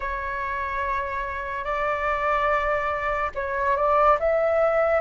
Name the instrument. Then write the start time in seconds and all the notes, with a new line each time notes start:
flute
0.00 C#5
1.64 D5
3.34 C#5
3.76 D5
4.19 E5